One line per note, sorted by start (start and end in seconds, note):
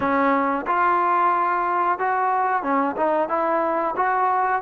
0.00 0.65 C#4
0.67 1.98 F4
1.98 2.62 F#4
2.62 2.95 C#4
2.96 3.28 D#4
3.28 3.94 E4
3.96 4.62 F#4